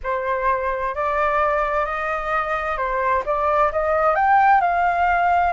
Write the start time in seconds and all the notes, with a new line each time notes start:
0.03 C5
0.94 D5
1.85 D#5
2.77 C5
3.25 D5
3.72 D#5
4.15 G5
4.61 F5